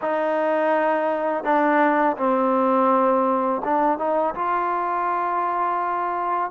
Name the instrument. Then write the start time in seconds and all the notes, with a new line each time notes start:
trombone
0.01 D#4
1.44 D4
2.17 C4
3.64 D4
3.98 D#4
4.34 F4